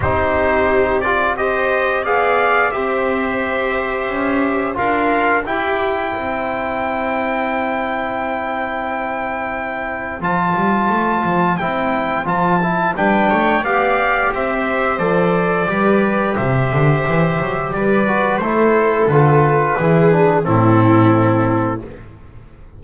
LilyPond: <<
  \new Staff \with { instrumentName = "trumpet" } { \time 4/4 \tempo 4 = 88 c''4. d''8 dis''4 f''4 | e''2. f''4 | g''1~ | g''2. a''4~ |
a''4 g''4 a''4 g''4 | f''4 e''4 d''2 | e''2 d''4 c''4 | b'2 a'2 | }
  \new Staff \with { instrumentName = "viola" } { \time 4/4 g'2 c''4 d''4 | c''2. ais'4 | g'4 c''2.~ | c''1~ |
c''2. b'8 cis''8 | d''4 c''2 b'4 | c''2 b'4 a'4~ | a'4 gis'4 e'2 | }
  \new Staff \with { instrumentName = "trombone" } { \time 4/4 dis'4. f'8 g'4 gis'4 | g'2. f'4 | e'1~ | e'2. f'4~ |
f'4 e'4 f'8 e'8 d'4 | g'2 a'4 g'4~ | g'2~ g'8 fis'8 e'4 | f'4 e'8 d'8 c'2 | }
  \new Staff \with { instrumentName = "double bass" } { \time 4/4 c'2. b4 | c'2 cis'4 d'4 | e'4 c'2.~ | c'2. f8 g8 |
a8 f8 c'4 f4 g8 a8 | b4 c'4 f4 g4 | c8 d8 e8 fis8 g4 a4 | d4 e4 a,2 | }
>>